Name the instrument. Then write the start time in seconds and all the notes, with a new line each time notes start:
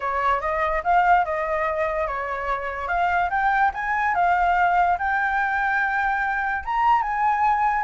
flute
0.00 C#5
0.40 D#5
0.83 F5
1.24 D#5
2.07 C#5
2.88 F5
3.30 G5
3.74 G#5
4.15 F5
4.98 G5
6.64 A#5
7.02 G#5